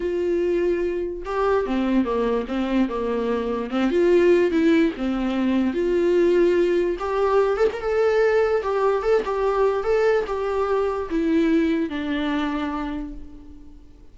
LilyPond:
\new Staff \with { instrumentName = "viola" } { \time 4/4 \tempo 4 = 146 f'2. g'4 | c'4 ais4 c'4 ais4~ | ais4 c'8 f'4. e'4 | c'2 f'2~ |
f'4 g'4. a'16 ais'16 a'4~ | a'4 g'4 a'8 g'4. | a'4 g'2 e'4~ | e'4 d'2. | }